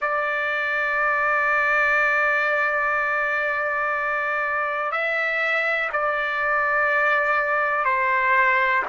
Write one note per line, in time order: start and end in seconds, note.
0.01 4.91 D5
4.91 5.90 E5
5.92 7.84 D5
7.84 8.83 C5